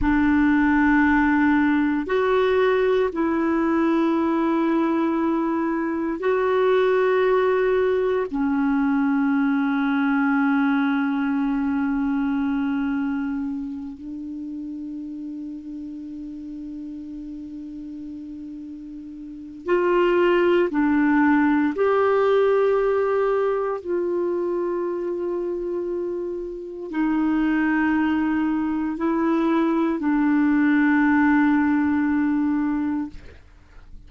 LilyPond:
\new Staff \with { instrumentName = "clarinet" } { \time 4/4 \tempo 4 = 58 d'2 fis'4 e'4~ | e'2 fis'2 | cis'1~ | cis'4. d'2~ d'8~ |
d'2. f'4 | d'4 g'2 f'4~ | f'2 dis'2 | e'4 d'2. | }